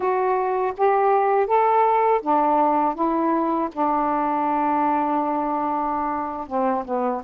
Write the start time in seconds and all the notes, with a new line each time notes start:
0.00 F#4
0.77 G4
1.46 A4
2.22 D4
2.95 E4
3.72 D4
6.47 C4
6.85 B3